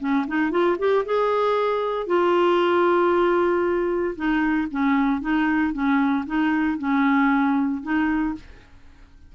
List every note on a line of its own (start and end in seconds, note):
0.00 0.26 C#4
0.28 0.51 D#4
0.51 0.77 F4
0.79 1.05 G4
1.06 2.07 G#4
2.07 4.15 F4
4.16 4.68 D#4
4.71 5.21 C#4
5.21 5.73 D#4
5.73 6.25 C#4
6.27 6.79 D#4
6.79 7.83 C#4
7.83 8.35 D#4